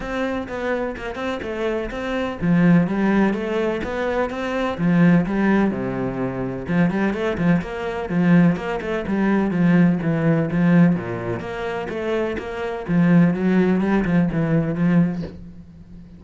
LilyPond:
\new Staff \with { instrumentName = "cello" } { \time 4/4 \tempo 4 = 126 c'4 b4 ais8 c'8 a4 | c'4 f4 g4 a4 | b4 c'4 f4 g4 | c2 f8 g8 a8 f8 |
ais4 f4 ais8 a8 g4 | f4 e4 f4 ais,4 | ais4 a4 ais4 f4 | fis4 g8 f8 e4 f4 | }